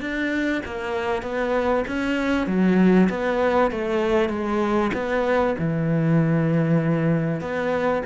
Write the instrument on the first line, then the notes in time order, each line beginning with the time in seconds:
cello
0.00 D4
0.65 A#3
1.22 B3
1.87 C#4
2.46 F#3
3.09 B3
3.71 A3
4.29 G#3
4.93 B3
5.58 E3
7.40 B3